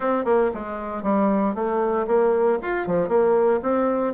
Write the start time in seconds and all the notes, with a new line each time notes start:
0.00 C4
0.24 A#3
0.54 G#3
1.03 G3
1.54 A3
2.07 A#3
2.62 F4
2.87 F3
3.08 A#3
3.62 C4